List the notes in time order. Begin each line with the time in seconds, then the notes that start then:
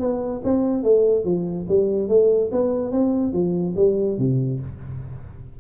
0.00 B3
0.44 C4
0.83 A3
1.25 F3
1.69 G3
2.09 A3
2.52 B3
2.92 C4
3.33 F3
3.76 G3
4.18 C3